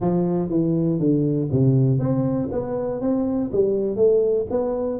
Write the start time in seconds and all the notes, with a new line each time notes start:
0.00 F3
0.49 E3
0.99 D3
1.51 C3
1.99 C4
2.51 B3
3.00 C4
3.52 G3
3.95 A3
4.50 B3